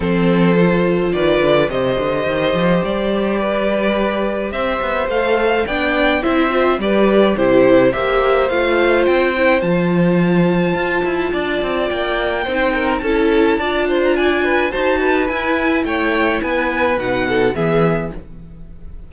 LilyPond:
<<
  \new Staff \with { instrumentName = "violin" } { \time 4/4 \tempo 4 = 106 c''2 d''4 dis''4~ | dis''4 d''2. | e''4 f''4 g''4 e''4 | d''4 c''4 e''4 f''4 |
g''4 a''2.~ | a''4 g''2 a''4~ | a''8. ais''16 gis''4 a''4 gis''4 | g''4 gis''4 fis''4 e''4 | }
  \new Staff \with { instrumentName = "violin" } { \time 4/4 a'2 b'4 c''4~ | c''2 b'2 | c''2 d''4 c''4 | b'4 g'4 c''2~ |
c''1 | d''2 c''8 ais'8 a'4 | d''8 c''8 d''8 b'8 c''8 b'4. | cis''4 b'4. a'8 gis'4 | }
  \new Staff \with { instrumentName = "viola" } { \time 4/4 c'4 f'2 g'4~ | g'1~ | g'4 a'4 d'4 e'8 f'8 | g'4 e'4 g'4 f'4~ |
f'8 e'8 f'2.~ | f'2 dis'4 e'4 | f'2 fis'4 e'4~ | e'2 dis'4 b4 | }
  \new Staff \with { instrumentName = "cello" } { \time 4/4 f2 dis8 d8 c8 d8 | dis8 f8 g2. | c'8 b8 a4 b4 c'4 | g4 c4 ais4 a4 |
c'4 f2 f'8 e'8 | d'8 c'8 ais4 c'4 cis'4 | d'2 dis'4 e'4 | a4 b4 b,4 e4 | }
>>